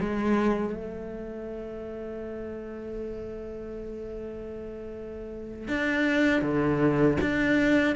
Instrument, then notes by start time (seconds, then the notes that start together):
cello
0.00 G#3
0.74 A3
5.68 D4
6.41 D3
7.21 D4